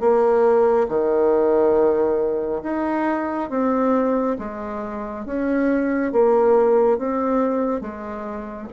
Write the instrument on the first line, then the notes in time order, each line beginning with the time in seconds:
bassoon
0.00 A#3
0.89 D#3
2.63 D#4
3.50 C4
4.39 G#3
5.26 C#4
6.13 A#3
6.98 C4
7.81 G#3